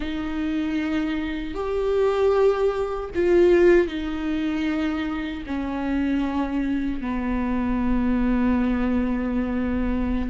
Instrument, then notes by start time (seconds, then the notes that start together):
viola
0.00 D#4
1.54 G4
3.15 F4
3.87 D#4
5.46 C#4
7.01 B3